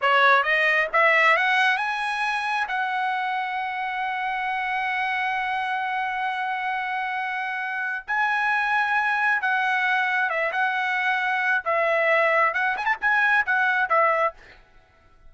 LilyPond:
\new Staff \with { instrumentName = "trumpet" } { \time 4/4 \tempo 4 = 134 cis''4 dis''4 e''4 fis''4 | gis''2 fis''2~ | fis''1~ | fis''1~ |
fis''2 gis''2~ | gis''4 fis''2 e''8 fis''8~ | fis''2 e''2 | fis''8 gis''16 a''16 gis''4 fis''4 e''4 | }